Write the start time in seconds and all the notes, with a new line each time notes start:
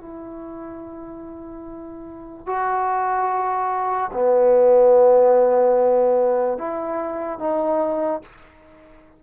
0.00 E4
2.47 F#4
4.13 B3
6.58 E4
7.39 D#4